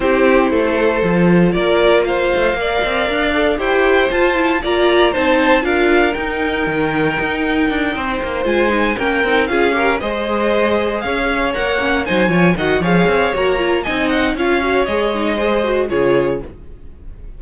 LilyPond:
<<
  \new Staff \with { instrumentName = "violin" } { \time 4/4 \tempo 4 = 117 c''2. d''4 | f''2. g''4 | a''4 ais''4 a''4 f''4 | g''1~ |
g''8 gis''4 g''4 f''4 dis''8~ | dis''4. f''4 fis''4 gis''8~ | gis''8 fis''8 f''4 ais''4 gis''8 fis''8 | f''4 dis''2 cis''4 | }
  \new Staff \with { instrumentName = "violin" } { \time 4/4 g'4 a'2 ais'4 | c''4 d''2 c''4~ | c''4 d''4 c''4 ais'4~ | ais'2.~ ais'8 c''8~ |
c''4. ais'4 gis'8 ais'8 c''8~ | c''4. cis''2 c''8 | cis''8 dis''8 cis''2 dis''4 | cis''2 c''4 gis'4 | }
  \new Staff \with { instrumentName = "viola" } { \time 4/4 e'2 f'2~ | f'4 ais'4. a'8 g'4 | f'8 e'8 f'4 dis'4 f'4 | dis'1~ |
dis'8 f'8 dis'8 cis'8 dis'8 f'8 g'8 gis'8~ | gis'2~ gis'8 ais'8 cis'8 dis'8 | f'8 fis'8 gis'4 fis'8 f'8 dis'4 | f'8 fis'8 gis'8 dis'8 gis'8 fis'8 f'4 | }
  \new Staff \with { instrumentName = "cello" } { \time 4/4 c'4 a4 f4 ais4~ | ais8 a8 ais8 c'8 d'4 e'4 | f'4 ais4 c'4 d'4 | dis'4 dis4 dis'4 d'8 c'8 |
ais8 gis4 ais8 c'8 cis'4 gis8~ | gis4. cis'4 ais4 fis8 | f8 dis8 f8 c'8 ais4 c'4 | cis'4 gis2 cis4 | }
>>